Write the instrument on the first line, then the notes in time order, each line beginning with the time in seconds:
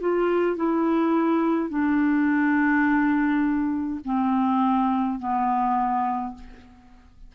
clarinet
0.00 F4
0.56 E4
1.69 D4
4.04 C4
5.19 B3